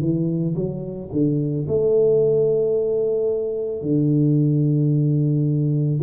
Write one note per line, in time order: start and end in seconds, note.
0.00 0.55 E3
0.55 1.10 F#3
1.12 1.66 D3
1.68 3.82 A3
3.82 6.00 D3